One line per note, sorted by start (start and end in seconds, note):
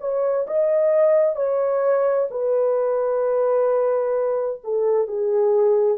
0.00 0.46 C#5
0.47 1.36 D#5
1.36 2.28 C#5
2.30 4.61 B4
4.64 5.07 A4
5.07 5.97 G#4